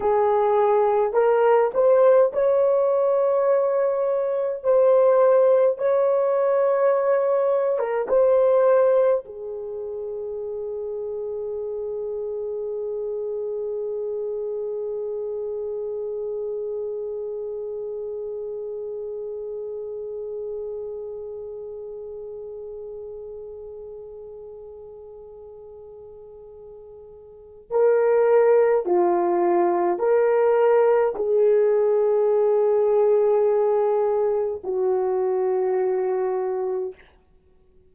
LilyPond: \new Staff \with { instrumentName = "horn" } { \time 4/4 \tempo 4 = 52 gis'4 ais'8 c''8 cis''2 | c''4 cis''4.~ cis''16 ais'16 c''4 | gis'1~ | gis'1~ |
gis'1~ | gis'1 | ais'4 f'4 ais'4 gis'4~ | gis'2 fis'2 | }